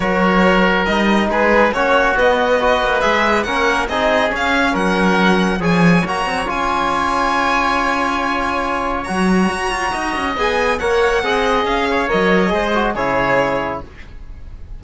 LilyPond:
<<
  \new Staff \with { instrumentName = "violin" } { \time 4/4 \tempo 4 = 139 cis''2 dis''4 b'4 | cis''4 dis''2 e''4 | fis''4 dis''4 f''4 fis''4~ | fis''4 gis''4 ais''4 gis''4~ |
gis''1~ | gis''4 ais''2. | gis''4 fis''2 f''4 | dis''2 cis''2 | }
  \new Staff \with { instrumentName = "oboe" } { \time 4/4 ais'2. gis'4 | fis'2 b'2 | ais'4 gis'2 ais'4~ | ais'4 cis''2.~ |
cis''1~ | cis''2. dis''4~ | dis''4 cis''4 dis''4. cis''8~ | cis''4 c''4 gis'2 | }
  \new Staff \with { instrumentName = "trombone" } { \time 4/4 fis'2 dis'2 | cis'4 b4 fis'4 gis'4 | cis'4 dis'4 cis'2~ | cis'4 gis'4 fis'4 f'4~ |
f'1~ | f'4 fis'2. | gis'4 ais'4 gis'2 | ais'4 gis'8 fis'8 e'2 | }
  \new Staff \with { instrumentName = "cello" } { \time 4/4 fis2 g4 gis4 | ais4 b4. ais8 gis4 | ais4 c'4 cis'4 fis4~ | fis4 f4 ais8 c'8 cis'4~ |
cis'1~ | cis'4 fis4 fis'8 f'8 dis'8 cis'8 | b4 ais4 c'4 cis'4 | fis4 gis4 cis2 | }
>>